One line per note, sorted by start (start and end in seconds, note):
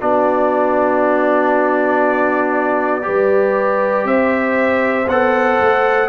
0.00 3.07 B3
0.00 3.03 D4
0.00 3.05 F#4
0.00 4.07 D5
3.03 4.05 G3
3.03 5.06 G4
3.03 4.07 B4
4.05 5.07 C4
4.05 6.09 C5
4.05 5.09 E5
5.08 5.59 B3
5.08 6.09 A4
5.08 6.09 F#5
5.61 6.09 A3